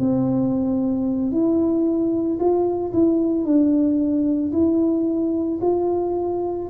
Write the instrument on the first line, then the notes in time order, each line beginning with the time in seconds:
tuba
0.00 C4
1.32 E4
2.40 F4
2.94 E4
3.45 D4
4.53 E4
5.62 F4